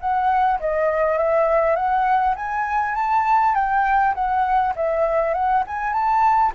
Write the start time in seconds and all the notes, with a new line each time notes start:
0.00 F#5
0.60 D#5
1.18 E5
1.76 F#5
2.36 G#5
2.95 A5
3.55 G5
4.14 F#5
4.76 E5
5.34 F#5
5.67 G#5
5.93 A5